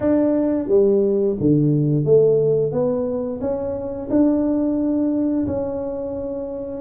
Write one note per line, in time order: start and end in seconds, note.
0.00 0.68 D4
0.68 1.36 G3
1.40 2.05 D3
2.05 2.71 A3
2.71 3.40 B3
3.40 4.08 C#4
4.09 5.46 D4
5.46 6.81 C#4